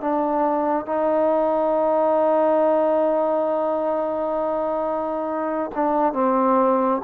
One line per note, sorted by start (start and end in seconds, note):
0.00 0.85 D4
0.85 5.71 D#4
5.75 6.13 D4
6.13 7.01 C4